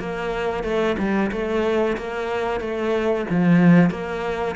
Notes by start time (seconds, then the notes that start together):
0.00 A#3
0.64 A3
0.98 G3
1.32 A3
1.97 A#3
2.61 A3
3.30 F3
3.91 A#3